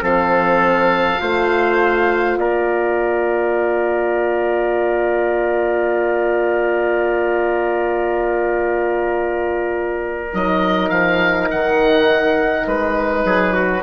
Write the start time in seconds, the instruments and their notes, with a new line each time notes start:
0.00 bassoon F3, horn C4, trumpet A4, oboe F5
1.19 bassoon A3, horn F4, trumpet C5
2.39 bassoon A#3, trumpet A#4, oboe D5
10.33 bassoon F#3, horn D#4, oboe D#5
10.90 bassoon F3, oboe F5
11.51 bassoon D#3, oboe F#5
12.67 bassoon G#3, oboe B4
13.25 bassoon F#3, trumpet G#4
13.54 trumpet F#4